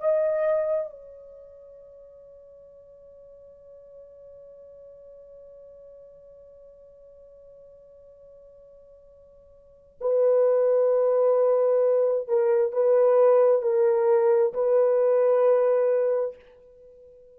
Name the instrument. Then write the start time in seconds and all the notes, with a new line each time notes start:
horn
0.00 D#5
0.90 C#5
10.01 B4
12.28 A#4
12.72 B4
13.62 A#4
14.54 B4